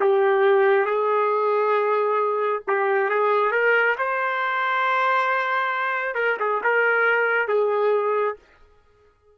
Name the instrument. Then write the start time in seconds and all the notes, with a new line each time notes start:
trumpet
0.00 G4
0.85 G#4
2.67 G4
3.09 G#4
3.51 A#4
3.98 C5
6.15 A#4
6.40 G#4
6.64 A#4
7.48 G#4